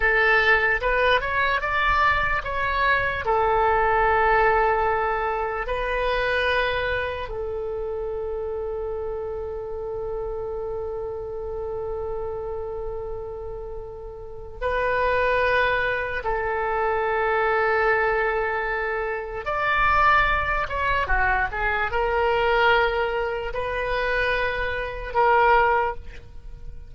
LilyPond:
\new Staff \with { instrumentName = "oboe" } { \time 4/4 \tempo 4 = 74 a'4 b'8 cis''8 d''4 cis''4 | a'2. b'4~ | b'4 a'2.~ | a'1~ |
a'2 b'2 | a'1 | d''4. cis''8 fis'8 gis'8 ais'4~ | ais'4 b'2 ais'4 | }